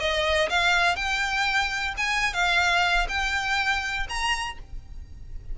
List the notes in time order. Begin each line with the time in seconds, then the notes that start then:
0.00 D#5
0.50 F5
0.96 G5
1.98 G#5
2.33 F5
3.09 G5
4.09 A#5